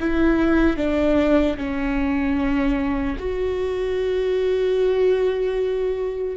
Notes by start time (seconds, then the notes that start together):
0.00 E4
0.77 D4
1.57 C#4
3.19 F#4